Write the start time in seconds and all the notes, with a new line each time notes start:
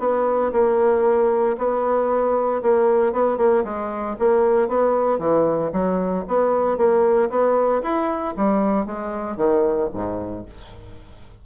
0.00 B3
0.53 A#3
1.58 B3
2.63 A#3
3.13 B3
3.38 A#3
3.65 G#3
4.20 A#3
4.69 B3
5.19 E3
5.73 F#3
6.28 B3
6.78 A#3
7.30 B3
7.83 E4
8.37 G3
8.86 G#3
9.37 D#3
9.94 G#2